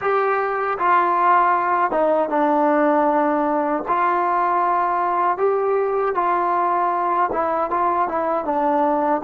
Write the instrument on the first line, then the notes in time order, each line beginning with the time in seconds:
trombone
0.01 G4
0.78 F4
1.91 D#4
2.29 D4
3.88 F4
5.37 G4
6.14 F4
7.32 E4
7.70 F4
8.08 E4
8.44 D4